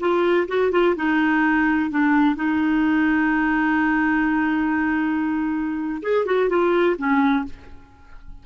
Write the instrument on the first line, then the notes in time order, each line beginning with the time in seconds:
clarinet
0.00 F4
0.48 F#4
0.71 F4
0.96 D#4
1.90 D4
2.36 D#4
6.02 G#4
6.25 F#4
6.49 F4
6.98 C#4